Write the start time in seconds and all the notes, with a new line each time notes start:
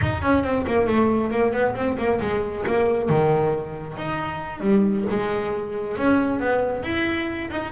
0.01 D#4
0.22 C#4
0.43 C4
0.66 A#3
0.86 A3
1.30 A#3
1.52 B3
1.75 C4
1.97 A#3
2.20 G#3
2.66 A#3
3.09 D#3
3.97 D#4
4.60 G3
5.09 G#3
5.97 C#4
6.40 B3
6.83 E4
7.50 D#4